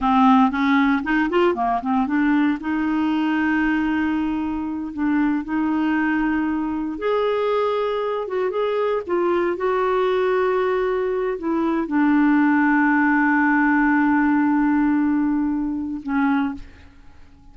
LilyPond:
\new Staff \with { instrumentName = "clarinet" } { \time 4/4 \tempo 4 = 116 c'4 cis'4 dis'8 f'8 ais8 c'8 | d'4 dis'2.~ | dis'4. d'4 dis'4.~ | dis'4. gis'2~ gis'8 |
fis'8 gis'4 f'4 fis'4.~ | fis'2 e'4 d'4~ | d'1~ | d'2. cis'4 | }